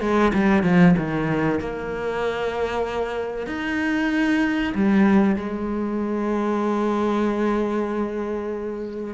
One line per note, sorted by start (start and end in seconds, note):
0.00 0.32 G#3
0.33 0.63 G3
0.63 0.95 F3
0.98 1.60 D#3
1.60 3.47 A#3
3.47 4.73 D#4
4.75 5.36 G3
5.36 9.14 G#3